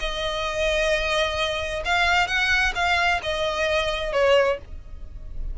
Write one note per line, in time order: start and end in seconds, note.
0.00 1.83 D#5
1.85 2.28 F5
2.28 2.74 F#5
2.75 3.21 F5
3.23 4.13 D#5
4.13 4.59 C#5